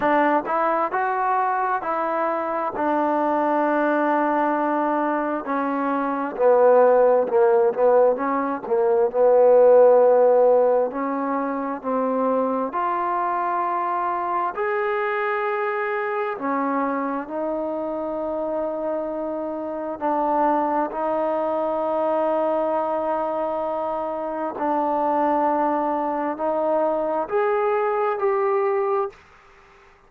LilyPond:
\new Staff \with { instrumentName = "trombone" } { \time 4/4 \tempo 4 = 66 d'8 e'8 fis'4 e'4 d'4~ | d'2 cis'4 b4 | ais8 b8 cis'8 ais8 b2 | cis'4 c'4 f'2 |
gis'2 cis'4 dis'4~ | dis'2 d'4 dis'4~ | dis'2. d'4~ | d'4 dis'4 gis'4 g'4 | }